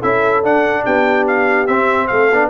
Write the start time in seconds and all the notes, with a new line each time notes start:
0.00 C#4 E4 A4 E5
0.43 D4 F#5
0.85 B3 G4 G5
1.27 F5
1.67 C4 E5
2.07 A3 A4 F5
2.31 B3 D4